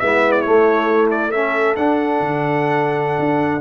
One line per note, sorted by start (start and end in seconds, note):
0.00 0.46 G#3
0.00 0.46 B3
0.00 1.35 E4
0.00 0.32 E5
0.32 0.42 D5
0.42 1.33 A3
0.42 1.77 A3
0.42 1.07 C#5
1.11 1.32 D5
1.32 1.77 C#4
1.32 3.61 A4
1.32 1.75 E5
1.76 2.21 D4
1.76 3.61 D4
1.76 3.61 F#5
2.21 3.19 D3
3.20 3.61 D4